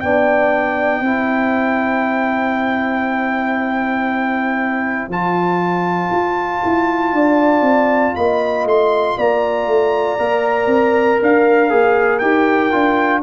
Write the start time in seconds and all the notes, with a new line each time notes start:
0.00 B3 D4 D5 G5
1.00 C4 E4 C5
5.08 F3 F4 A5
6.11 F4
6.65 E4
7.12 D4 D5
7.61 C4
8.16 A#3 D#5 B5
8.65 A3 C6
9.17 A#3 D5 A#5
9.67 A3
10.19 A#3 A#4
10.66 C4
11.21 D4 A#4 F5
11.70 A#3 G#4
12.19 D#4 G4 G5
12.71 D4 F4